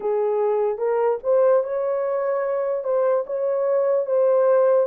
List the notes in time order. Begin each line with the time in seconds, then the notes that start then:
0.00 G#4
0.77 A#4
1.23 C5
1.63 C#5
2.83 C5
3.26 C#5
4.06 C5